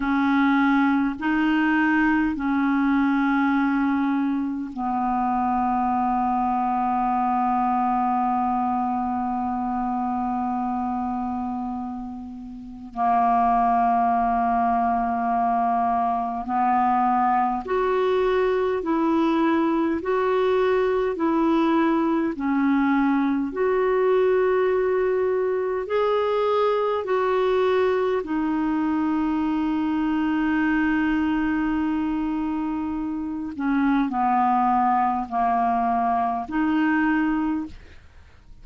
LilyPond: \new Staff \with { instrumentName = "clarinet" } { \time 4/4 \tempo 4 = 51 cis'4 dis'4 cis'2 | b1~ | b2. ais4~ | ais2 b4 fis'4 |
e'4 fis'4 e'4 cis'4 | fis'2 gis'4 fis'4 | dis'1~ | dis'8 cis'8 b4 ais4 dis'4 | }